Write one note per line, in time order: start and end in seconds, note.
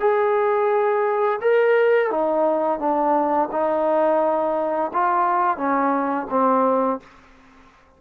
0.00 1.40 G#4
1.41 2.11 A#4
2.11 2.79 D#4
2.79 3.49 D4
3.52 4.91 D#4
4.93 5.57 F4
5.57 6.27 C#4
6.30 7.00 C4